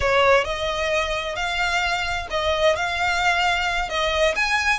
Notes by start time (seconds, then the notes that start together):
0.00 C#5
0.44 D#5
1.35 F5
2.30 D#5
2.76 F5
3.89 D#5
4.35 G#5